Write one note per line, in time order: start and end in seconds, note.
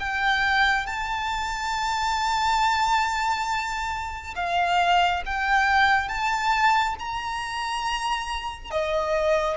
0.00 0.87 G5
0.87 4.34 A5
4.36 5.23 F5
5.26 6.09 G5
6.09 6.96 A5
6.99 8.71 A#5
8.71 9.57 D#5